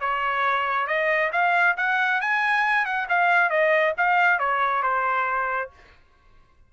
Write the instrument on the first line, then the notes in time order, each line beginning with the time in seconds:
trumpet
0.00 C#5
0.87 D#5
1.32 F5
1.77 F#5
2.21 G#5
2.85 F#5
3.09 F5
3.49 D#5
3.97 F5
4.39 C#5
4.82 C5